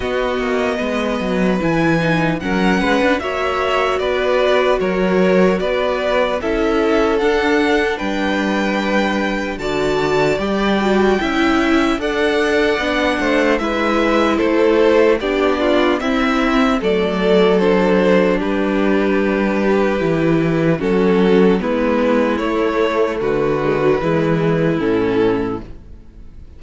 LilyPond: <<
  \new Staff \with { instrumentName = "violin" } { \time 4/4 \tempo 4 = 75 dis''2 gis''4 fis''4 | e''4 d''4 cis''4 d''4 | e''4 fis''4 g''2 | a''4 g''2 fis''4~ |
fis''4 e''4 c''4 d''4 | e''4 d''4 c''4 b'4~ | b'2 a'4 b'4 | cis''4 b'2 a'4 | }
  \new Staff \with { instrumentName = "violin" } { \time 4/4 fis'4 b'2 ais'8 b'8 | cis''4 b'4 ais'4 b'4 | a'2 b'2 | d''2 e''4 d''4~ |
d''8 c''8 b'4 a'4 g'8 f'8 | e'4 a'2 g'4~ | g'2 fis'4 e'4~ | e'4 fis'4 e'2 | }
  \new Staff \with { instrumentName = "viola" } { \time 4/4 b2 e'8 dis'8 cis'4 | fis'1 | e'4 d'2. | fis'4 g'8 fis'8 e'4 a'4 |
d'4 e'2 d'4 | c'4 a4 d'2~ | d'4 e'4 cis'4 b4 | a4. gis16 fis16 gis4 cis'4 | }
  \new Staff \with { instrumentName = "cello" } { \time 4/4 b8 ais8 gis8 fis8 e4 fis8 gis16 d'16 | ais4 b4 fis4 b4 | cis'4 d'4 g2 | d4 g4 cis'4 d'4 |
b8 a8 gis4 a4 b4 | c'4 fis2 g4~ | g4 e4 fis4 gis4 | a4 d4 e4 a,4 | }
>>